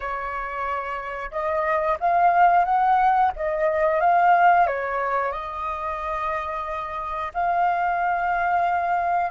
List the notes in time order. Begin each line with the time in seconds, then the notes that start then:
0.00 C#5
1.31 D#5
2.00 F5
2.65 F#5
3.35 D#5
4.00 F5
4.66 C#5
5.32 D#5
7.34 F5